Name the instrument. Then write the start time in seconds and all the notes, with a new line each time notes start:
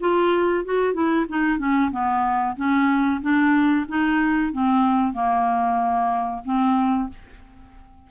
clarinet
0.00 F4
0.65 F#4
0.93 E4
1.28 D#4
1.58 C#4
1.91 B3
2.56 C#4
3.21 D4
3.88 D#4
4.52 C4
5.13 A#3
6.45 C4